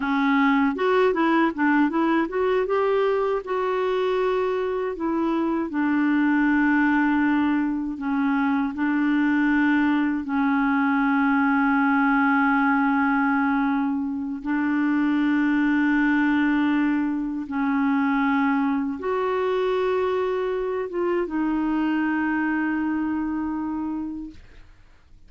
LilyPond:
\new Staff \with { instrumentName = "clarinet" } { \time 4/4 \tempo 4 = 79 cis'4 fis'8 e'8 d'8 e'8 fis'8 g'8~ | g'8 fis'2 e'4 d'8~ | d'2~ d'8 cis'4 d'8~ | d'4. cis'2~ cis'8~ |
cis'2. d'4~ | d'2. cis'4~ | cis'4 fis'2~ fis'8 f'8 | dis'1 | }